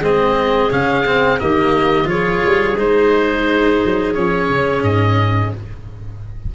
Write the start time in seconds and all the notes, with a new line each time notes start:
0.00 G#3 C4 G#4 D#5
0.71 C#3 C#4 F5
1.06 C4
1.39 D#3 A#3 G4 D#5
2.05 F3 F4 G#4 C#5
2.46 G3
2.77 G#3 D#4 C5
3.86 F#3
4.14 F3 C#4 C#5
4.49 C#3
4.83 G#2 D#5